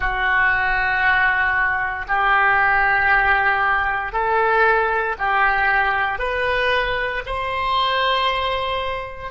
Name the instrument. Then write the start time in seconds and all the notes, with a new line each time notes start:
oboe
0.00 F#4
2.07 G4
4.12 A4
5.18 G4
6.18 B4
7.26 C5